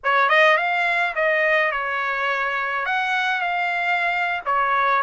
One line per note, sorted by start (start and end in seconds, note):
0.03 0.29 C#5
0.29 0.57 D#5
0.57 1.14 F5
1.15 1.71 D#5
1.71 2.85 C#5
2.85 3.41 F#5
3.41 4.41 F5
4.45 5.02 C#5